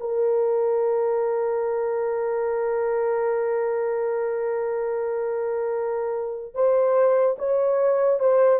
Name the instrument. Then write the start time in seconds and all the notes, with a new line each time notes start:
horn
0.00 A#4
6.54 C5
7.39 C#5
8.20 C5